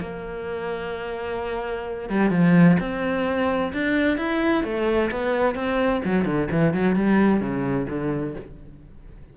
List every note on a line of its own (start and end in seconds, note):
0.00 2.09 A#3
2.09 2.30 G3
2.30 2.77 F3
2.79 3.73 C4
3.73 4.17 D4
4.17 4.64 E4
4.64 5.10 A3
5.11 5.55 B3
5.55 6.01 C4
6.04 6.25 F#3
6.25 6.48 D3
6.51 6.74 E3
6.74 6.95 F#3
6.95 7.40 G3
7.40 7.87 C#3
7.89 8.35 D3